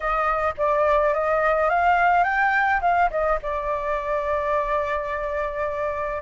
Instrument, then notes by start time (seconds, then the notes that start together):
flute
0.00 D#5
0.57 D5
1.13 D#5
1.69 F5
2.24 G5
2.81 F5
3.10 D#5
3.42 D5